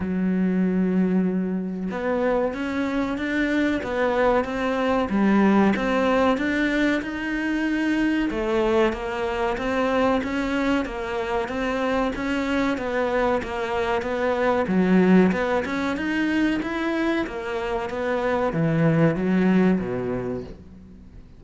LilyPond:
\new Staff \with { instrumentName = "cello" } { \time 4/4 \tempo 4 = 94 fis2. b4 | cis'4 d'4 b4 c'4 | g4 c'4 d'4 dis'4~ | dis'4 a4 ais4 c'4 |
cis'4 ais4 c'4 cis'4 | b4 ais4 b4 fis4 | b8 cis'8 dis'4 e'4 ais4 | b4 e4 fis4 b,4 | }